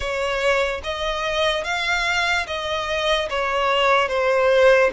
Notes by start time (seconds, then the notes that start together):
0.00 C#5
0.83 D#5
1.64 F5
2.46 D#5
3.29 C#5
4.08 C5